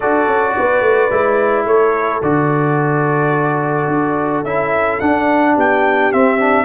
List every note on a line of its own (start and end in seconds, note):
0.00 0.26 D4
0.00 1.10 F#4
0.00 0.53 A4
0.00 1.66 D5
0.26 0.54 C#4
0.57 0.81 B3
0.57 1.68 B4
0.81 1.08 A3
1.10 1.65 G#3
1.10 2.21 E4
1.65 2.20 A3
1.65 5.54 A4
1.65 2.21 C#5
2.22 3.87 D3
2.22 4.45 F#4
2.22 4.44 D5
3.87 4.43 D4
4.43 4.99 C#4
4.43 5.01 E4
4.43 5.00 E5
5.00 5.56 D4
5.00 6.12 D4
5.00 5.55 F#5
5.54 6.12 B3
5.54 6.64 G4
5.54 6.12 G5
6.12 6.39 C4
6.12 6.64 C4
6.12 6.64 E5
6.39 6.64 D4